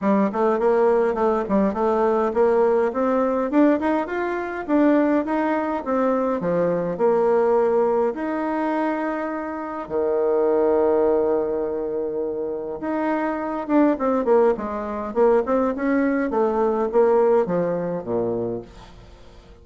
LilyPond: \new Staff \with { instrumentName = "bassoon" } { \time 4/4 \tempo 4 = 103 g8 a8 ais4 a8 g8 a4 | ais4 c'4 d'8 dis'8 f'4 | d'4 dis'4 c'4 f4 | ais2 dis'2~ |
dis'4 dis2.~ | dis2 dis'4. d'8 | c'8 ais8 gis4 ais8 c'8 cis'4 | a4 ais4 f4 ais,4 | }